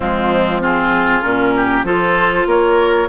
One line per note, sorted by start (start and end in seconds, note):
0.00 1.23 F3
0.00 0.61 G#3
0.00 0.61 C4
0.00 0.61 F4
0.61 1.23 C4
0.61 1.54 F4
0.61 1.22 G#4
1.22 1.83 A#2
1.22 1.84 C#4
1.22 1.84 A#4
1.56 1.85 G4
1.83 2.45 F3
1.83 3.08 F4
1.83 2.47 A4
1.83 2.48 C5
2.46 3.08 A#3
2.46 3.08 A#4
2.46 3.08 C#5